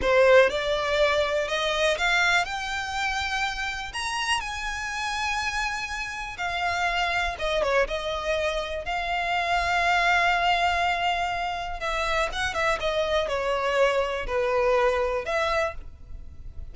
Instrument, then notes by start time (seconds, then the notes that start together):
violin
0.01 C5
0.49 D5
1.48 D#5
1.97 F5
2.45 G5
3.93 A#5
4.40 G#5
6.37 F5
7.38 D#5
7.62 C#5
7.87 D#5
8.85 F5
11.79 E5
12.32 F#5
12.53 E5
12.80 D#5
13.28 C#5
14.26 B4
15.25 E5